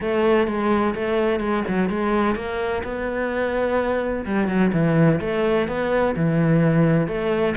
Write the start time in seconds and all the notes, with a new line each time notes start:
0.00 A3
0.47 G#3
0.94 A3
1.40 G#3
1.68 F#3
1.89 G#3
2.35 A#3
2.83 B3
4.25 G3
4.48 F#3
4.72 E3
5.20 A3
5.67 B3
6.15 E3
7.07 A3